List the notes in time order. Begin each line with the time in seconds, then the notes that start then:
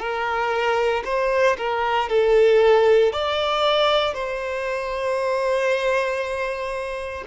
0.00 A#4
1.05 C5
1.58 A#4
2.09 A4
3.13 D5
4.14 C5